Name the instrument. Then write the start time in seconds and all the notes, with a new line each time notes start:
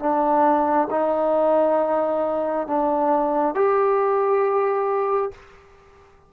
trombone
0.00 D4
0.91 D#4
2.68 D4
3.55 G4